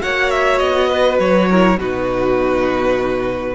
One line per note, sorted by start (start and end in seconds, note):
0.00 0.60 A#3
0.00 1.49 F#4
0.00 0.89 C#5
0.00 0.30 F#5
0.30 0.58 E5
0.58 1.19 B3
0.58 1.17 D#5
0.89 1.49 B4
1.19 1.78 F#3
1.19 1.79 C#5
1.50 1.80 E4
1.50 1.79 A#4
1.78 3.55 B2
1.78 3.55 D#4
1.78 3.55 F#4
1.78 3.55 B4